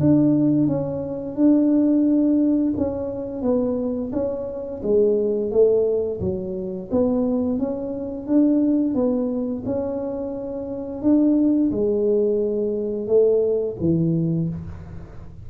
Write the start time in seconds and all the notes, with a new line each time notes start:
0.00 D4
0.67 C#4
1.36 D4
2.77 C#4
3.42 B3
4.13 C#4
4.83 G#3
5.51 A3
6.21 F#3
6.91 B3
7.59 C#4
8.27 D4
8.94 B3
9.66 C#4
11.02 D4
11.71 G#3
13.07 A3
13.80 E3